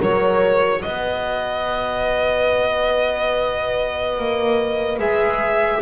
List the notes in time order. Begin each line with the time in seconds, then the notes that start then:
0.00 F#3 F#4 A#4 C#5
0.82 B3 B4 D#5
4.19 A#3
4.99 G#3 G#4 E5